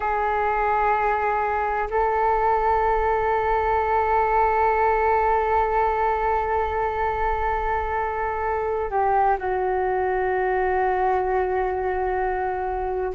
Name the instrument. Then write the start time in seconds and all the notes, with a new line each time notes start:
flute
0.00 G#4
1.90 A4
8.90 G4
9.38 F#4